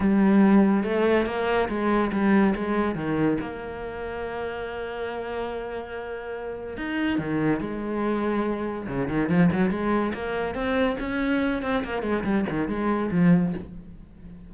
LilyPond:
\new Staff \with { instrumentName = "cello" } { \time 4/4 \tempo 4 = 142 g2 a4 ais4 | gis4 g4 gis4 dis4 | ais1~ | ais1 |
dis'4 dis4 gis2~ | gis4 cis8 dis8 f8 fis8 gis4 | ais4 c'4 cis'4. c'8 | ais8 gis8 g8 dis8 gis4 f4 | }